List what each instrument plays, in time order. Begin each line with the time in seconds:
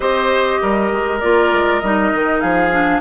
0.00 bassoon C4, clarinet G4, oboe C5, flute D#5
0.61 bassoon G3, oboe A#4
0.91 bassoon G#3
1.19 bassoon A#3, clarinet F4, flute D5
1.52 bassoon G#3
1.80 bassoon G3, clarinet D#4, flute D#5
2.14 bassoon D#3
2.40 bassoon F3, oboe G#4, flute F5
2.71 clarinet D4